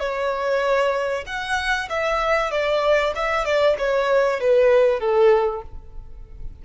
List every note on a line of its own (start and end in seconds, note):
0.00 1.25 C#5
1.26 1.89 F#5
1.90 2.51 E5
2.51 3.14 D5
3.16 3.45 E5
3.45 3.76 D5
3.78 4.40 C#5
4.40 5.00 B4
5.00 5.62 A4